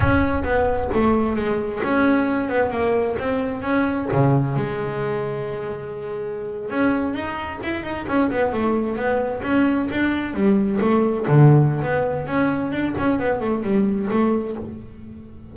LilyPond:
\new Staff \with { instrumentName = "double bass" } { \time 4/4 \tempo 4 = 132 cis'4 b4 a4 gis4 | cis'4. b8 ais4 c'4 | cis'4 cis4 gis2~ | gis2~ gis8. cis'4 dis'16~ |
dis'8. e'8 dis'8 cis'8 b8 a4 b16~ | b8. cis'4 d'4 g4 a16~ | a8. d4~ d16 b4 cis'4 | d'8 cis'8 b8 a8 g4 a4 | }